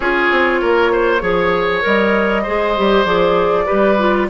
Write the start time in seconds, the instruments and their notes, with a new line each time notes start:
0.00 bassoon C#4, clarinet F4, oboe G#4, flute C#5
0.31 bassoon C4
0.61 bassoon A#3, oboe A#4
0.92 oboe C5
1.20 bassoon F3, clarinet G#4, oboe C#5
1.81 bassoon G3, clarinet A#4, flute D#5
2.42 bassoon G#3, clarinet G#4, oboe C5
2.77 bassoon G3, clarinet G4
3.04 bassoon F3, clarinet G#4, flute D5
3.65 bassoon G3, clarinet G4, oboe B4
3.98 clarinet F4